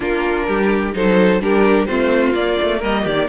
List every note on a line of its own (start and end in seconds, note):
0.00 0.47 A#3
0.00 0.93 D4
0.00 0.46 F4
0.00 0.94 A#4
0.47 0.94 G3
0.47 0.94 G4
0.93 1.39 F#3
0.93 1.40 D#4
0.93 1.42 A4
0.93 1.42 C5
1.39 1.86 G3
1.39 1.88 D4
1.39 1.87 G4
1.39 1.85 A#4
1.85 2.33 A3
1.85 2.35 C4
1.85 2.78 F4
1.85 2.32 C5
2.33 2.57 A#3
2.33 3.28 A#3
2.33 2.81 D5
2.61 2.83 A3
2.78 3.06 G3
2.78 3.01 A#4
2.78 3.06 D#5
3.03 3.28 D#3
3.03 3.27 G4
3.03 3.28 D5